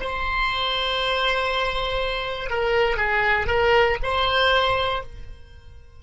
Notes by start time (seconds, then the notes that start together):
0.00 C5
2.50 A#4
2.97 G#4
3.47 A#4
4.02 C5